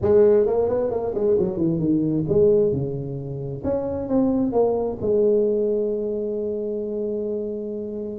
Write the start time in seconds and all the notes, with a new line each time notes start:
0.01 G#3
0.46 A#3
0.68 B3
0.90 A#3
1.14 G#3
1.38 F#3
1.57 E3
1.79 D#3
2.29 G#3
2.72 C#3
3.64 C#4
4.08 C4
4.52 A#3
5.01 G#3